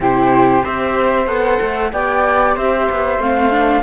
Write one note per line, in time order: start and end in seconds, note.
0.00 0.62 C3
0.00 0.62 E4
0.00 0.63 G4
0.00 0.64 C5
0.62 1.26 C4
0.62 1.26 G4
0.62 1.91 C5
0.62 1.27 E5
1.26 1.58 B3
1.26 1.90 A4
1.26 1.91 F#5
1.61 1.92 A3
1.92 2.56 B3
1.92 3.20 G4
1.92 2.55 D5
1.92 2.56 G5
2.55 2.88 C4
2.55 3.82 C5
2.55 3.20 E5
2.90 3.18 B3
3.18 3.82 A3
3.18 3.51 C4
3.18 3.82 F5
3.51 3.82 D4